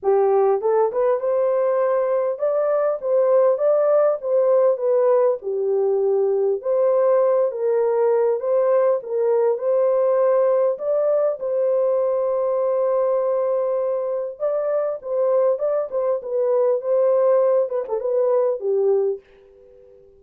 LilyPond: \new Staff \with { instrumentName = "horn" } { \time 4/4 \tempo 4 = 100 g'4 a'8 b'8 c''2 | d''4 c''4 d''4 c''4 | b'4 g'2 c''4~ | c''8 ais'4. c''4 ais'4 |
c''2 d''4 c''4~ | c''1 | d''4 c''4 d''8 c''8 b'4 | c''4. b'16 a'16 b'4 g'4 | }